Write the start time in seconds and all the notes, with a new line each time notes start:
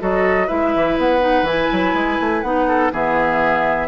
0.00 F#3 F#4 A4 D#5
0.47 G#3 E4 B4 E5
0.75 E3
0.97 B3 F#5
1.20 D#4
1.42 E3 E4 G#5
1.72 F#3
1.94 G#3
2.20 A3
2.42 B3 D#4 F#5
2.67 A4
2.92 E3 B3 G#4 E5